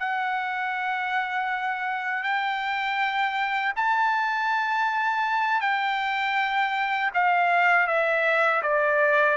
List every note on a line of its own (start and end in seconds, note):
0.00 2.24 F#5
2.24 3.74 G5
3.76 5.61 A5
5.61 7.11 G5
7.15 7.88 F5
7.88 8.62 E5
8.63 9.38 D5